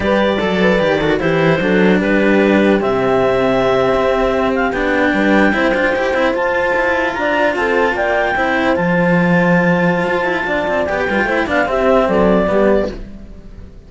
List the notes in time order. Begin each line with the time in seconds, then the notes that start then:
0.00 G3 G4 B4 D5
0.39 F#3 A4
0.60 B4
0.79 D#3 G4
0.99 F#4 A4
1.19 E3 E4 G4 C5
1.60 F#3 D4 A4
2.00 G3 G4 B4
2.80 C3 C4 E5
3.94 C4
4.54 F5
4.71 B3 D4 G5
5.13 G3 B4
5.52 C4 E4 C5
5.73 D4 F4
5.95 E4 G4
6.13 C4 E4
6.33 F4 A5
6.75 E4
7.13 D4 D5 A#5
7.55 C4 A4 A5
7.93 A#3 D5 G5
8.35 C4 E4 C5
8.75 F3 F4 A5
10.06 F4
10.23 E4
10.46 D4 D5
10.67 C4
10.86 B3 G4 G5
11.04 G3 F4 B4
11.23 A3 E4 C5
11.46 B3 D4 D5 F5
11.65 C4 G4 E5
12.07 F#3 A4 D5
12.47 G3 B3 G4